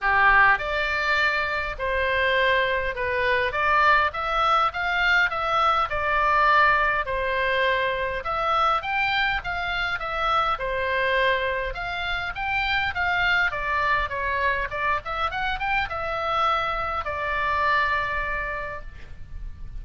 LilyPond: \new Staff \with { instrumentName = "oboe" } { \time 4/4 \tempo 4 = 102 g'4 d''2 c''4~ | c''4 b'4 d''4 e''4 | f''4 e''4 d''2 | c''2 e''4 g''4 |
f''4 e''4 c''2 | f''4 g''4 f''4 d''4 | cis''4 d''8 e''8 fis''8 g''8 e''4~ | e''4 d''2. | }